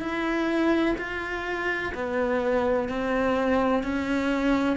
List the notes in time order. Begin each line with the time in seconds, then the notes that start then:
0.00 E4
0.97 F4
1.94 B3
2.88 C4
3.83 C#4